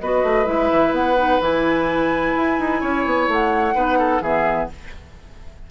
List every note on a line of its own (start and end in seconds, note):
0.00 0.23 B3
0.00 0.46 F#4
0.00 2.81 B4
0.00 0.46 D#5
0.23 0.47 A3
0.46 0.71 G#3
0.46 1.16 E4
0.46 0.93 E5
0.72 0.92 E3
0.92 1.39 B3
0.92 1.41 F#5
1.17 1.41 D#4
1.41 2.35 E3
1.41 3.75 E4
1.41 3.31 G#5
2.36 2.59 E4
2.59 2.83 D#4
2.81 3.06 C#4
2.81 3.75 C#5
3.06 3.28 B3
3.28 3.75 A3
3.28 4.23 F#5
3.75 4.21 B3
3.75 4.21 D#4
3.75 3.99 B4
3.99 4.22 A4
4.21 4.68 E3
4.21 4.71 B3
4.21 4.69 G#4
4.21 4.69 E5